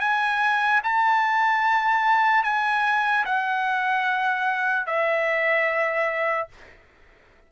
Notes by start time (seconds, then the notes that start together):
0.00 G#5
0.83 A5
2.43 G#5
3.25 F#5
4.86 E5